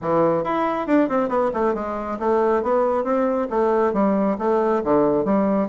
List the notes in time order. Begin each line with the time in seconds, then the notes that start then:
0.01 E3
0.44 E4
0.87 D4
1.08 C4
1.29 B3
1.53 A3
1.74 G#3
2.19 A3
2.62 B3
3.03 C4
3.49 A3
3.93 G3
4.38 A3
4.84 D3
5.24 G3